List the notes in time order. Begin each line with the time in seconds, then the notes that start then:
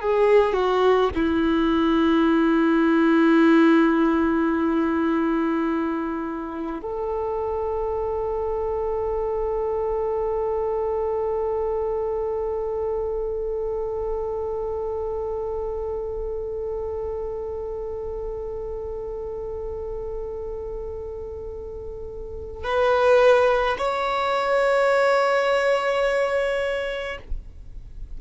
0.00 G#4
0.53 F#4
1.15 E4
6.82 A4
22.64 B4
23.78 C#5